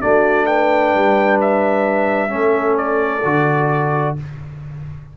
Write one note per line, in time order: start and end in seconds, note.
0.00 0.94 A3
0.00 2.28 D4
0.00 0.46 F#4
0.00 0.46 D5
0.46 2.31 B4
0.46 1.38 G5
0.94 2.33 G3
1.41 2.77 E5
2.28 3.24 A3
2.28 3.21 C#4
2.28 4.17 A4
2.77 4.16 D5
3.24 4.17 D3
3.24 4.17 F#4